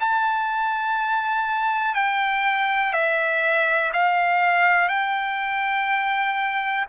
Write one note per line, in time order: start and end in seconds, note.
0.00 1.94 A5
1.94 2.93 G5
2.93 3.92 E5
3.93 4.89 F5
4.89 6.85 G5